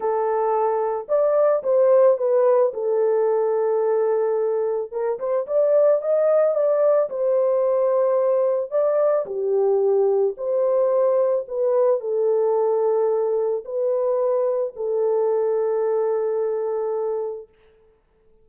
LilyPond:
\new Staff \with { instrumentName = "horn" } { \time 4/4 \tempo 4 = 110 a'2 d''4 c''4 | b'4 a'2.~ | a'4 ais'8 c''8 d''4 dis''4 | d''4 c''2. |
d''4 g'2 c''4~ | c''4 b'4 a'2~ | a'4 b'2 a'4~ | a'1 | }